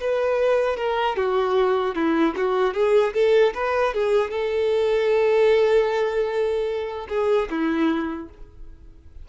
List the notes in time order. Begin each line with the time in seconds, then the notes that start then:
0.00 B4
0.76 A#4
1.16 F#4
1.94 E4
2.36 F#4
2.74 G#4
3.14 A4
3.54 B4
3.93 G#4
4.31 A4
7.09 G#4
7.50 E4